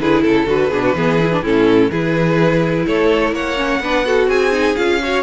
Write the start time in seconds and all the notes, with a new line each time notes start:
0.00 D3 E4 G#4 B4
0.22 C#3 A4
0.46 D3 F#4 B4
0.70 B2 D4 G#4
0.83 F#4
0.94 E3 B3 G#4
1.20 E4
1.32 D4
1.42 A2 C#4 E4 A4
1.90 E3 E4 G#4 B4
2.86 A3 A4 C#5
3.32 A#3 C#5 F#5
3.56 C#4
3.80 B3 D4 B4
4.05 F#4 A4
4.27 C4 G#4 G#5
4.52 D#4
4.76 C#4 F4 F5
5.03 F#4 C#5